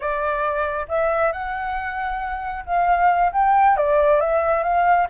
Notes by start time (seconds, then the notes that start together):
0.00 D5
0.88 E5
1.32 F#5
2.65 F5
3.32 G5
3.76 D5
4.20 E5
4.63 F5